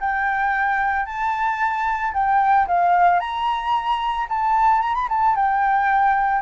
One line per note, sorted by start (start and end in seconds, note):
0.00 1.05 G5
1.05 2.13 A5
2.13 2.67 G5
2.67 3.19 F5
3.19 4.27 A#5
4.29 4.82 A5
4.82 4.94 A#5
4.94 5.08 B5
5.09 5.35 A5
5.35 6.41 G5